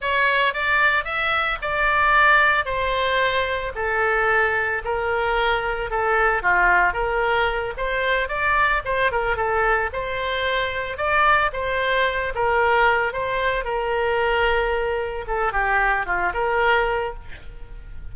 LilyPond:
\new Staff \with { instrumentName = "oboe" } { \time 4/4 \tempo 4 = 112 cis''4 d''4 e''4 d''4~ | d''4 c''2 a'4~ | a'4 ais'2 a'4 | f'4 ais'4. c''4 d''8~ |
d''8 c''8 ais'8 a'4 c''4.~ | c''8 d''4 c''4. ais'4~ | ais'8 c''4 ais'2~ ais'8~ | ais'8 a'8 g'4 f'8 ais'4. | }